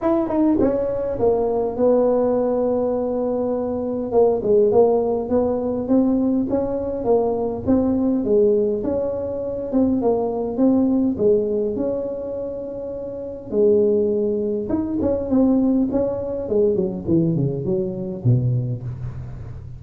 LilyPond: \new Staff \with { instrumentName = "tuba" } { \time 4/4 \tempo 4 = 102 e'8 dis'8 cis'4 ais4 b4~ | b2. ais8 gis8 | ais4 b4 c'4 cis'4 | ais4 c'4 gis4 cis'4~ |
cis'8 c'8 ais4 c'4 gis4 | cis'2. gis4~ | gis4 dis'8 cis'8 c'4 cis'4 | gis8 fis8 e8 cis8 fis4 b,4 | }